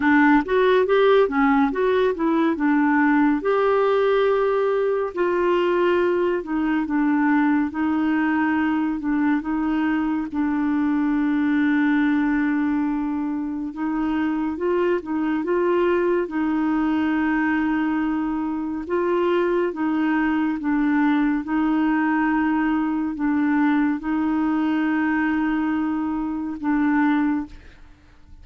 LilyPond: \new Staff \with { instrumentName = "clarinet" } { \time 4/4 \tempo 4 = 70 d'8 fis'8 g'8 cis'8 fis'8 e'8 d'4 | g'2 f'4. dis'8 | d'4 dis'4. d'8 dis'4 | d'1 |
dis'4 f'8 dis'8 f'4 dis'4~ | dis'2 f'4 dis'4 | d'4 dis'2 d'4 | dis'2. d'4 | }